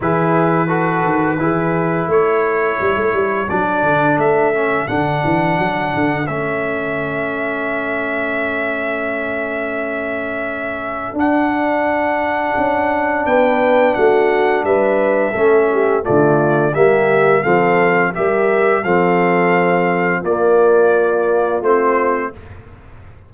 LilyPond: <<
  \new Staff \with { instrumentName = "trumpet" } { \time 4/4 \tempo 4 = 86 b'2. cis''4~ | cis''4 d''4 e''4 fis''4~ | fis''4 e''2.~ | e''1 |
fis''2. g''4 | fis''4 e''2 d''4 | e''4 f''4 e''4 f''4~ | f''4 d''2 c''4 | }
  \new Staff \with { instrumentName = "horn" } { \time 4/4 gis'4 a'4 gis'4 a'4~ | a'1~ | a'1~ | a'1~ |
a'2. b'4 | fis'4 b'4 a'8 g'8 f'4 | g'4 a'4 ais'4 a'4~ | a'4 f'2. | }
  \new Staff \with { instrumentName = "trombone" } { \time 4/4 e'4 fis'4 e'2~ | e'4 d'4. cis'8 d'4~ | d'4 cis'2.~ | cis'1 |
d'1~ | d'2 cis'4 a4 | ais4 c'4 g'4 c'4~ | c'4 ais2 c'4 | }
  \new Staff \with { instrumentName = "tuba" } { \time 4/4 e4. dis8 e4 a4 | g16 a16 g8 fis8 d8 a4 d8 e8 | fis8 d8 a2.~ | a1 |
d'2 cis'4 b4 | a4 g4 a4 d4 | g4 f4 g4 f4~ | f4 ais2 a4 | }
>>